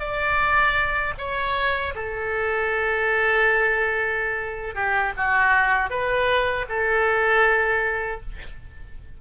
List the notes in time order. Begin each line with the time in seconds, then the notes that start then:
0.00 D5
1.18 C#5
1.95 A4
4.75 G4
5.17 F#4
5.90 B4
6.69 A4